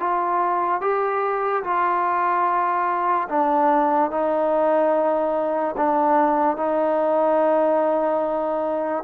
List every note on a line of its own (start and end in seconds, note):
0.00 0.81 F4
0.81 1.63 G4
1.64 3.28 F4
3.29 4.11 D4
4.11 5.75 D#4
5.77 6.57 D4
6.57 9.04 D#4